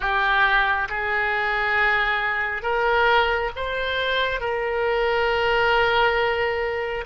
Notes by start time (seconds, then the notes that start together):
0.00 G4
0.89 G#4
2.62 A#4
3.56 C5
4.40 A#4